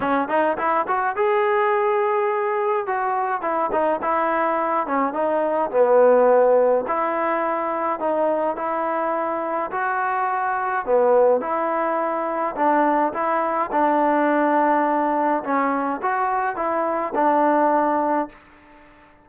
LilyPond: \new Staff \with { instrumentName = "trombone" } { \time 4/4 \tempo 4 = 105 cis'8 dis'8 e'8 fis'8 gis'2~ | gis'4 fis'4 e'8 dis'8 e'4~ | e'8 cis'8 dis'4 b2 | e'2 dis'4 e'4~ |
e'4 fis'2 b4 | e'2 d'4 e'4 | d'2. cis'4 | fis'4 e'4 d'2 | }